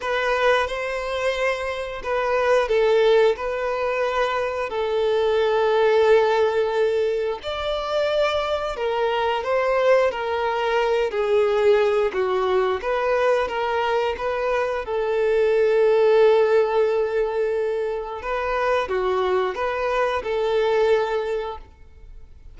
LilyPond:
\new Staff \with { instrumentName = "violin" } { \time 4/4 \tempo 4 = 89 b'4 c''2 b'4 | a'4 b'2 a'4~ | a'2. d''4~ | d''4 ais'4 c''4 ais'4~ |
ais'8 gis'4. fis'4 b'4 | ais'4 b'4 a'2~ | a'2. b'4 | fis'4 b'4 a'2 | }